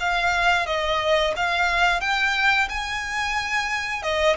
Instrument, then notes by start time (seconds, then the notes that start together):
violin
0.00 F5
0.67 D#5
1.36 F5
2.01 G5
2.69 G#5
4.03 D#5